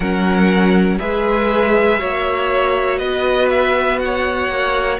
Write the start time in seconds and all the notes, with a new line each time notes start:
0.00 F#3 C#4 A#4 F#5
0.98 G#3 G#4 B4 E5
1.98 A#3 F#4 C#5
2.98 B3 B4 D#5
3.49 E5
3.99 C#5 F#5
4.48 A#3